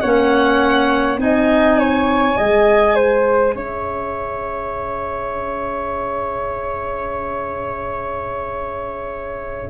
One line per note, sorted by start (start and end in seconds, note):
0.00 1.17 A#3
0.00 1.17 C#4
0.00 1.19 C#5
0.00 1.18 F#5
1.17 2.35 C4
1.17 2.34 D#4
1.17 1.79 D#5
1.17 3.56 G#5
1.79 2.37 C#5
2.34 3.55 G#3
2.34 9.70 G#4
2.34 2.95 D#5
2.95 3.54 C5
3.55 9.70 C#4
3.55 9.70 C#5
3.55 9.70 E5